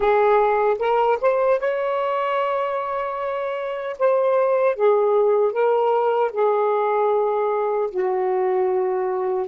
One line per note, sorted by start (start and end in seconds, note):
0.00 0.77 G#4
0.79 1.18 A#4
1.21 1.59 C5
1.59 3.96 C#5
3.99 4.75 C5
4.75 5.52 G#4
5.52 6.31 A#4
6.32 7.90 G#4
7.90 9.47 F#4